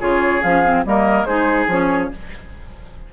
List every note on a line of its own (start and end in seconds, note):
0.00 0.44 C#3
0.00 0.42 F4
0.00 0.84 G#4
0.00 0.43 C#5
0.43 0.85 F3
0.43 0.64 C#4
0.43 0.85 F5
0.64 0.85 C4
0.86 1.24 G3
0.86 1.28 A#3
0.86 1.28 A#4
0.86 1.25 D#5
1.24 1.66 G#3
1.24 1.69 D#4
1.24 2.12 G#4
1.24 1.67 C5
1.68 2.10 F3
1.68 2.11 C#4
1.68 2.13 C#5